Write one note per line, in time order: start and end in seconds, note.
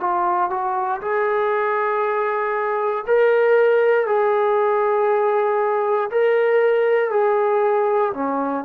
0.00 0.50 F4
0.50 1.01 F#4
1.01 3.05 G#4
3.07 4.06 A#4
4.06 6.10 G#4
6.11 7.10 A#4
7.10 8.12 G#4
8.14 8.64 C#4